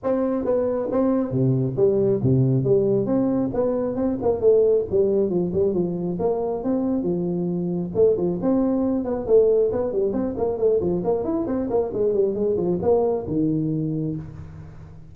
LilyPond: \new Staff \with { instrumentName = "tuba" } { \time 4/4 \tempo 4 = 136 c'4 b4 c'4 c4 | g4 c4 g4 c'4 | b4 c'8 ais8 a4 g4 | f8 g8 f4 ais4 c'4 |
f2 a8 f8 c'4~ | c'8 b8 a4 b8 g8 c'8 ais8 | a8 f8 ais8 e'8 c'8 ais8 gis8 g8 | gis8 f8 ais4 dis2 | }